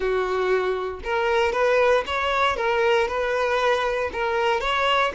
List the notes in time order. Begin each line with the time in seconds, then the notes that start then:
0.00 F#4
1.03 A#4
1.52 B4
2.06 C#5
2.56 A#4
3.08 B4
4.12 A#4
4.60 C#5